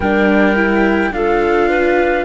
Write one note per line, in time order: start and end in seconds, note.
0.00 1.10 G3
0.00 0.55 D4
0.00 1.11 A#4
0.00 1.13 G5
0.55 1.12 E4
1.10 2.24 D4
1.10 2.24 F4
1.10 1.69 A4
1.10 2.24 F5
1.69 2.24 B4